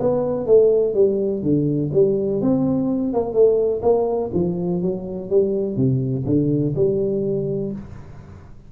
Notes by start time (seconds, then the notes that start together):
0.00 B3
0.47 A3
0.95 G3
1.43 D3
1.93 G3
2.42 C4
3.14 A#3
3.33 A3
3.83 A#3
4.34 F3
4.82 F#3
5.30 G3
5.76 C3
6.26 D3
6.76 G3